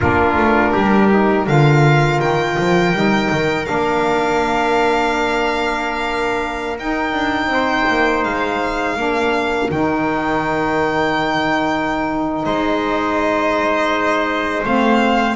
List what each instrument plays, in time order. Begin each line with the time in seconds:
0.00 double bass A#3, saxophone D4, trumpet F4, violin A#4
0.35 double bass A3
0.72 double bass G3, trumpet G4
1.10 saxophone D#4
1.45 double bass D3, saxophone F4, trumpet A#4, violin F5
2.20 double bass D#3, violin G5
2.59 double bass F3
2.92 double bass G3, saxophone D#4
3.31 double bass D#3
3.64 double bass A#3, saxophone D4, violin F5
6.79 saxophone D#4, double bass D#4, violin G5
7.13 double bass D4
7.46 double bass C4
7.52 trumpet C5
7.89 double bass A#3
8.24 double bass G#3, violin F5
8.96 double bass A#3, saxophone D4, trumpet A#4
9.69 double bass D#3, saxophone D#4, violin G5
12.45 double bass G#3, trumpet C5, violin D#5
14.63 double bass A3, saxophone C4, violin F5